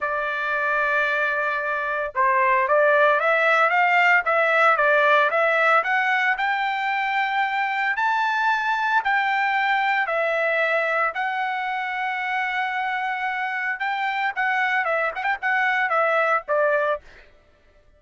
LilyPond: \new Staff \with { instrumentName = "trumpet" } { \time 4/4 \tempo 4 = 113 d''1 | c''4 d''4 e''4 f''4 | e''4 d''4 e''4 fis''4 | g''2. a''4~ |
a''4 g''2 e''4~ | e''4 fis''2.~ | fis''2 g''4 fis''4 | e''8 fis''16 g''16 fis''4 e''4 d''4 | }